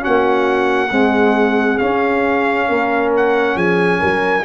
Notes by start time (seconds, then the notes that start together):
0.00 C#4 F#4 F#5
0.06 A#3
0.91 G#3 C4 G#4
1.78 C#4 F5
2.68 A#3 A#4
3.16 F#5
3.56 F3 G#4 G#5
3.99 F#3 A#4